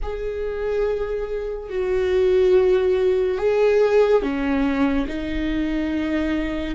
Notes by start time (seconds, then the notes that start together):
0.02 G#4
1.69 F#4
3.38 G#4
4.22 C#4
5.07 D#4